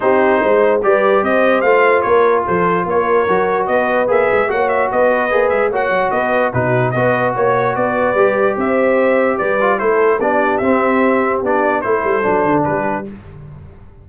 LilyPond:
<<
  \new Staff \with { instrumentName = "trumpet" } { \time 4/4 \tempo 4 = 147 c''2 d''4 dis''4 | f''4 cis''4 c''4 cis''4~ | cis''4 dis''4 e''4 fis''8 e''8 | dis''4. e''8 fis''4 dis''4 |
b'4 dis''4 cis''4 d''4~ | d''4 e''2 d''4 | c''4 d''4 e''2 | d''4 c''2 b'4 | }
  \new Staff \with { instrumentName = "horn" } { \time 4/4 g'4 c''4 b'4 c''4~ | c''4 ais'4 a'4 ais'4~ | ais'4 b'2 cis''4 | b'2 cis''4 b'4 |
fis'4 b'4 cis''4 b'4~ | b'4 c''2 b'4 | a'4 g'2.~ | g'4 a'2 g'4 | }
  \new Staff \with { instrumentName = "trombone" } { \time 4/4 dis'2 g'2 | f'1 | fis'2 gis'4 fis'4~ | fis'4 gis'4 fis'2 |
dis'4 fis'2. | g'2.~ g'8 f'8 | e'4 d'4 c'2 | d'4 e'4 d'2 | }
  \new Staff \with { instrumentName = "tuba" } { \time 4/4 c'4 gis4 g4 c'4 | a4 ais4 f4 ais4 | fis4 b4 ais8 gis8 ais4 | b4 ais8 gis8 ais8 fis8 b4 |
b,4 b4 ais4 b4 | g4 c'2 g4 | a4 b4 c'2 | b4 a8 g8 fis8 d8 g4 | }
>>